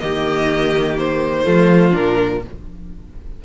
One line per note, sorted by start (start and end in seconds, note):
0.00 1.47 D#3
0.00 1.45 A#3
0.00 1.44 G4
0.00 0.97 D#5
0.99 1.95 C5
1.44 1.95 F3
1.44 1.92 A3
1.44 2.41 F4
1.92 2.45 A#2
1.92 2.40 D4
1.92 2.43 A#4